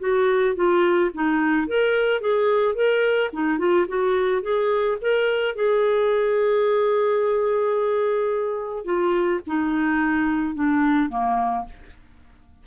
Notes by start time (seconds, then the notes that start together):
0.00 F#4
0.56 F4
1.14 D#4
1.68 A#4
2.21 G#4
2.76 A#4
3.33 D#4
3.59 F4
3.89 F#4
4.42 G#4
5.02 A#4
5.56 G#4
8.85 F4
9.47 D#4
10.55 D4
11.10 A#3